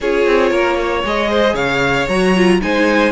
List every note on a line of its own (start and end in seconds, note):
0.00 0.26 C#4
0.00 1.04 F4
0.00 0.50 G#4
0.00 1.05 C#5
0.26 0.51 C4
0.50 1.03 A#3
0.50 0.76 A#4
0.80 1.30 C#5
1.03 1.53 G#3
1.03 2.08 G#4
1.03 1.55 D#5
1.30 1.53 C5
1.53 2.05 C#3
1.53 2.58 C#5
1.53 2.07 F5
2.08 2.61 F#3
2.08 2.36 F#4
2.08 2.60 A#5
2.36 2.60 F4
2.60 3.12 G#3
2.60 3.12 D#4
2.60 3.12 C5
2.60 3.12 G#5